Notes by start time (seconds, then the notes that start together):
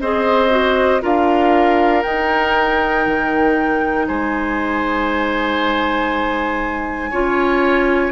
0.00 C4 G#4 C5 D#5
0.49 F#4
1.01 D4 F4 A#4 F5
2.02 D#4 G5
3.06 D#3
4.07 G#3 C5 G#5
7.10 C#4 F4 C#5